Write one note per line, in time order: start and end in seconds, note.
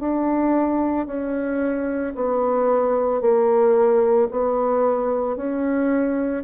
0.00 1.07 D4
1.07 2.14 C#4
2.15 3.21 B3
3.21 4.29 A#3
4.31 5.37 B3
5.37 6.44 C#4